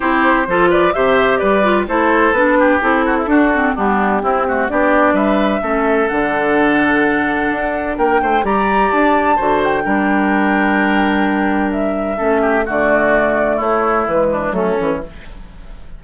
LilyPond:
<<
  \new Staff \with { instrumentName = "flute" } { \time 4/4 \tempo 4 = 128 c''4. d''8 e''4 d''4 | c''4 b'4 a'2 | g'2 d''4 e''4~ | e''4 fis''2.~ |
fis''4 g''4 ais''4 a''4~ | a''8 g''2.~ g''8~ | g''4 e''2 d''4~ | d''4 cis''4 b'4 a'4 | }
  \new Staff \with { instrumentName = "oboe" } { \time 4/4 g'4 a'8 b'8 c''4 b'4 | a'4. g'4 fis'16 e'16 fis'4 | d'4 e'8 fis'8 g'4 b'4 | a'1~ |
a'4 ais'8 c''8 d''2 | c''4 ais'2.~ | ais'2 a'8 g'8 fis'4~ | fis'4 e'4. d'8 cis'4 | }
  \new Staff \with { instrumentName = "clarinet" } { \time 4/4 e'4 f'4 g'4. f'8 | e'4 d'4 e'4 d'8 c'8 | b4 c'8 a8 d'2 | cis'4 d'2.~ |
d'2 g'2 | fis'4 d'2.~ | d'2 cis'4 a4~ | a2 gis4 a8 cis'8 | }
  \new Staff \with { instrumentName = "bassoon" } { \time 4/4 c'4 f4 c4 g4 | a4 b4 c'4 d'4 | g4 c'4 b4 g4 | a4 d2. |
d'4 ais8 a8 g4 d'4 | d4 g2.~ | g2 a4 d4~ | d4 a4 e4 fis8 e8 | }
>>